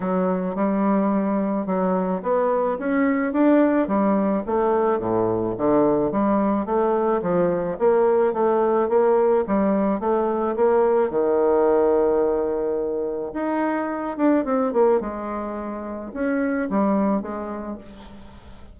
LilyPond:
\new Staff \with { instrumentName = "bassoon" } { \time 4/4 \tempo 4 = 108 fis4 g2 fis4 | b4 cis'4 d'4 g4 | a4 a,4 d4 g4 | a4 f4 ais4 a4 |
ais4 g4 a4 ais4 | dis1 | dis'4. d'8 c'8 ais8 gis4~ | gis4 cis'4 g4 gis4 | }